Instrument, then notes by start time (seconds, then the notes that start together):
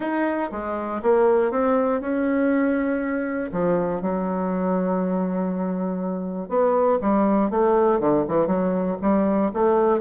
bassoon
0.00 D#4
0.51 G#3
1.02 A#3
1.51 C4
2.00 C#4
3.52 F3
4.01 F#3
6.49 B3
7.01 G3
7.50 A3
8.00 D3
8.28 E3
8.46 F#3
9.01 G3
9.53 A3